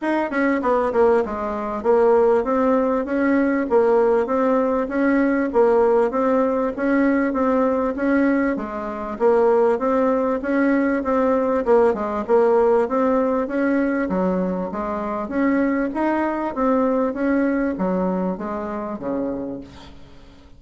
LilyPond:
\new Staff \with { instrumentName = "bassoon" } { \time 4/4 \tempo 4 = 98 dis'8 cis'8 b8 ais8 gis4 ais4 | c'4 cis'4 ais4 c'4 | cis'4 ais4 c'4 cis'4 | c'4 cis'4 gis4 ais4 |
c'4 cis'4 c'4 ais8 gis8 | ais4 c'4 cis'4 fis4 | gis4 cis'4 dis'4 c'4 | cis'4 fis4 gis4 cis4 | }